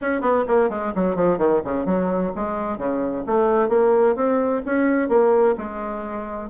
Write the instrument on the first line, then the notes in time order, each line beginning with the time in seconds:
bassoon
0.01 C#4
0.21 B3
0.47 A#3
0.69 G#3
0.95 F#3
1.15 F3
1.37 D#3
1.64 C#3
1.85 F#3
2.35 G#3
2.77 C#3
3.26 A3
3.68 A#3
4.15 C4
4.65 C#4
5.08 A#3
5.57 G#3